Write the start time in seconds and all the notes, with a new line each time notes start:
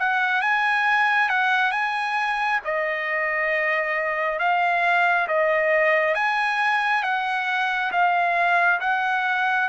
0.00 F#5
0.42 G#5
1.30 F#5
1.72 G#5
2.65 D#5
4.40 F5
5.28 D#5
6.15 G#5
7.04 F#5
7.92 F5
8.81 F#5